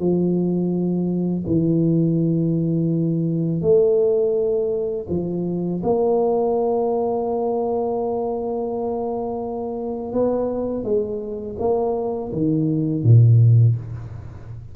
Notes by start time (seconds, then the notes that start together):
0.00 F3
1.47 E3
3.62 A3
5.10 F3
5.84 A#3
10.13 B3
10.84 G#3
11.59 A#3
12.33 D#3
13.04 A#2